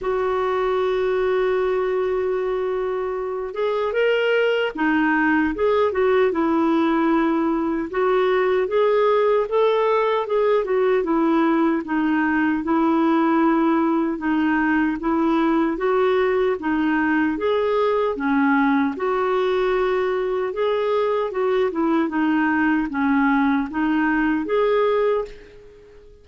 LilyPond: \new Staff \with { instrumentName = "clarinet" } { \time 4/4 \tempo 4 = 76 fis'1~ | fis'8 gis'8 ais'4 dis'4 gis'8 fis'8 | e'2 fis'4 gis'4 | a'4 gis'8 fis'8 e'4 dis'4 |
e'2 dis'4 e'4 | fis'4 dis'4 gis'4 cis'4 | fis'2 gis'4 fis'8 e'8 | dis'4 cis'4 dis'4 gis'4 | }